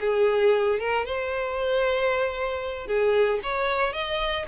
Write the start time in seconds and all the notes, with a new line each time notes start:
0.00 G#4
0.79 A#4
1.05 C5
2.87 G#4
3.43 C#5
3.93 D#5